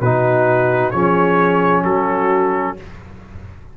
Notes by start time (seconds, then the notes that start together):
0.00 B2 D#4 F#4 B4
0.91 F3 C#4 G#4 C#5
1.82 F#3 F#4 A4